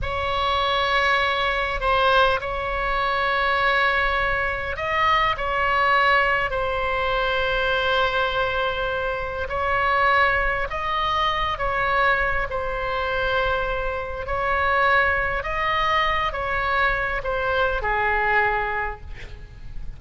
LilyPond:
\new Staff \with { instrumentName = "oboe" } { \time 4/4 \tempo 4 = 101 cis''2. c''4 | cis''1 | dis''4 cis''2 c''4~ | c''1 |
cis''2 dis''4. cis''8~ | cis''4 c''2. | cis''2 dis''4. cis''8~ | cis''4 c''4 gis'2 | }